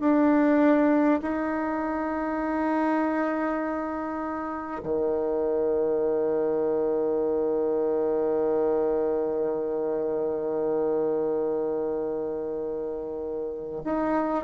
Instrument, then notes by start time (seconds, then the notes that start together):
bassoon
0.00 D4
1.22 D#4
4.83 D#3
13.84 D#4